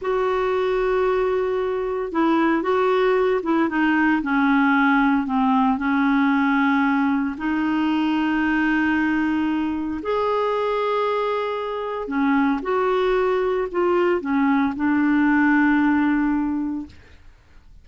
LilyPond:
\new Staff \with { instrumentName = "clarinet" } { \time 4/4 \tempo 4 = 114 fis'1 | e'4 fis'4. e'8 dis'4 | cis'2 c'4 cis'4~ | cis'2 dis'2~ |
dis'2. gis'4~ | gis'2. cis'4 | fis'2 f'4 cis'4 | d'1 | }